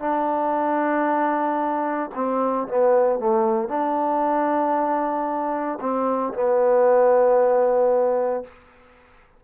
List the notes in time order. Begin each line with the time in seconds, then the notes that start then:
0.00 D4
2.15 C4
2.68 B3
3.20 A3
3.68 D4
5.81 C4
6.33 B3